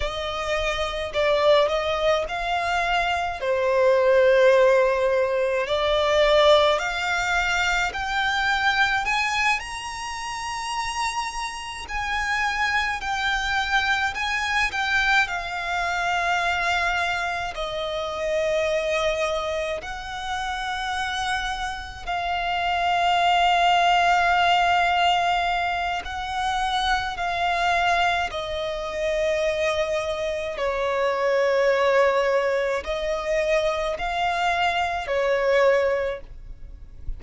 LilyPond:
\new Staff \with { instrumentName = "violin" } { \time 4/4 \tempo 4 = 53 dis''4 d''8 dis''8 f''4 c''4~ | c''4 d''4 f''4 g''4 | gis''8 ais''2 gis''4 g''8~ | g''8 gis''8 g''8 f''2 dis''8~ |
dis''4. fis''2 f''8~ | f''2. fis''4 | f''4 dis''2 cis''4~ | cis''4 dis''4 f''4 cis''4 | }